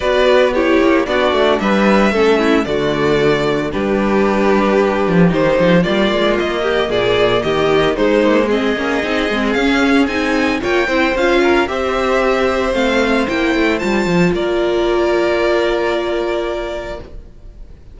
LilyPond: <<
  \new Staff \with { instrumentName = "violin" } { \time 4/4 \tempo 4 = 113 d''4 cis''4 d''4 e''4~ | e''4 d''2 b'4~ | b'2 c''4 d''4 | dis''4 d''4 dis''4 c''4 |
dis''2 f''4 gis''4 | g''4 f''4 e''2 | f''4 g''4 a''4 d''4~ | d''1 | }
  \new Staff \with { instrumentName = "violin" } { \time 4/4 b'4 g'4 fis'4 b'4 | a'8 e'8 fis'2 g'4~ | g'2. f'4~ | f'8 g'8 gis'4 g'4 dis'4 |
gis'1 | cis''8 c''4 ais'8 c''2~ | c''2. ais'4~ | ais'1 | }
  \new Staff \with { instrumentName = "viola" } { \time 4/4 fis'4 e'4 d'2 | cis'4 a2 d'4~ | d'2 dis'4 ais4~ | ais2. gis8 ais8 |
c'8 cis'8 dis'8 c'8 cis'4 dis'4 | f'8 e'8 f'4 g'2 | c'4 e'4 f'2~ | f'1 | }
  \new Staff \with { instrumentName = "cello" } { \time 4/4 b4. ais8 b8 a8 g4 | a4 d2 g4~ | g4. f8 dis8 f8 g8 gis8 | ais4 ais,4 dis4 gis4~ |
gis8 ais8 c'8 gis8 cis'4 c'4 | ais8 c'8 cis'4 c'2 | a4 ais8 a8 g8 f8 ais4~ | ais1 | }
>>